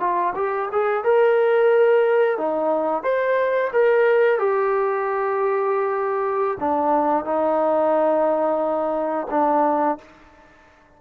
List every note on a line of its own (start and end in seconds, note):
0.00 0.34 F4
0.35 0.69 G4
0.72 1.04 G#4
1.04 2.37 A#4
2.37 3.03 D#4
3.03 3.70 C5
3.73 4.39 A#4
4.39 6.58 G4
6.60 7.25 D4
7.25 9.27 D#4
9.30 9.98 D4